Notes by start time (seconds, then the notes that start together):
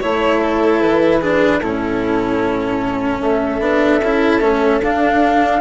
0.00 A3 E4 C#5
0.42 A4
0.81 E3 B4
1.21 D4 G#4
1.61 A2 C#4 E4 A4
3.20 A3 A4 E5
3.59 B3 D4
4.01 C#4 E4
4.41 A3 C#4
4.82 D4 F5